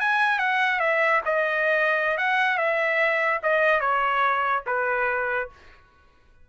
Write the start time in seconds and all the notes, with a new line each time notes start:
0.00 G#5
0.39 F#5
0.80 E5
1.25 D#5
2.17 F#5
2.57 E5
3.43 D#5
3.80 C#5
4.66 B4